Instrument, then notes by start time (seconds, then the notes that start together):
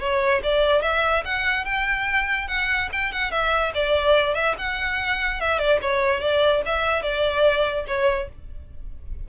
violin
0.00 C#5
0.43 D5
0.82 E5
1.25 F#5
1.65 G5
2.48 F#5
2.93 G5
3.12 F#5
3.31 E5
3.75 D5
4.34 E5
4.58 F#5
5.40 E5
5.59 D5
5.82 C#5
6.21 D5
6.66 E5
7.03 D5
7.88 C#5